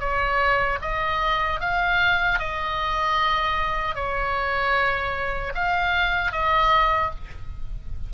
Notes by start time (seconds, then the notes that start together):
0.00 C#5
0.82 D#5
1.60 F5
2.39 D#5
3.95 C#5
5.55 F5
6.32 D#5